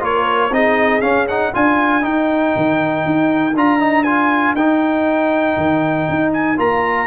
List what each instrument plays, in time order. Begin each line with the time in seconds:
0.00 tuba A#3, trombone F4, horn A#4, trumpet C#5
0.51 tuba C4, trombone D#4, horn G#4, trumpet D#5
1.01 trombone C#4, tuba C#4, trumpet F5
1.28 trombone D#4, trumpet F#5
1.53 tuba D4, trombone F4, horn A#4, trumpet G#5
2.02 trombone D#4, tuba D#4, trumpet G5
2.56 tuba D#3
3.05 tuba D#4
3.55 tuba D4, trombone F4, trumpet A#5
3.79 trombone D#4
4.04 trombone F4, trumpet G#5
4.55 tuba D#4, trombone D#4, trumpet G5
5.57 tuba D#3
6.09 tuba D#4
6.33 trumpet G#5
6.57 tuba A#3, trombone F4, trumpet A#5